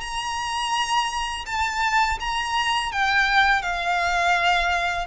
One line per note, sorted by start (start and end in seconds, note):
0.00 1.45 A#5
1.46 2.18 A5
2.20 2.92 A#5
2.92 3.62 G5
3.62 5.06 F5